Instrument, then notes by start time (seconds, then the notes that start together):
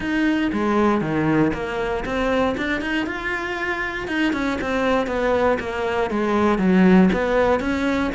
cello
0.00 D#4
0.52 G#3
1.01 D#3
1.53 A#3
2.05 C4
2.57 D4
2.81 D#4
3.06 F4
4.07 D#4
4.32 C#4
4.61 C4
5.07 B3
5.59 A#3
6.10 G#3
6.58 F#3
7.13 B3
7.60 C#4